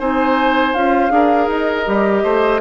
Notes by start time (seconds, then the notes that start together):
0.00 C4 D#4 C5 G#5
0.74 C#4 F4 F5
1.10 D4 G#4 A#4
1.48 D#4 D#5
1.86 G3 G4
2.24 A3 C5